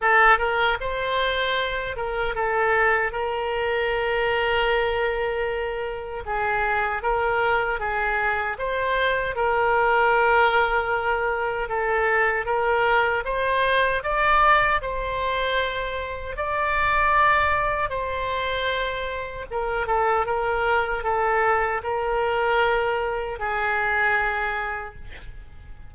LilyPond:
\new Staff \with { instrumentName = "oboe" } { \time 4/4 \tempo 4 = 77 a'8 ais'8 c''4. ais'8 a'4 | ais'1 | gis'4 ais'4 gis'4 c''4 | ais'2. a'4 |
ais'4 c''4 d''4 c''4~ | c''4 d''2 c''4~ | c''4 ais'8 a'8 ais'4 a'4 | ais'2 gis'2 | }